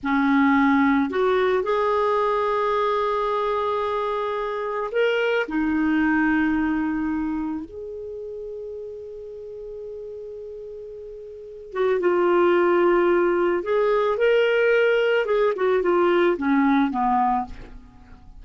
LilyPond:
\new Staff \with { instrumentName = "clarinet" } { \time 4/4 \tempo 4 = 110 cis'2 fis'4 gis'4~ | gis'1~ | gis'4 ais'4 dis'2~ | dis'2 gis'2~ |
gis'1~ | gis'4. fis'8 f'2~ | f'4 gis'4 ais'2 | gis'8 fis'8 f'4 cis'4 b4 | }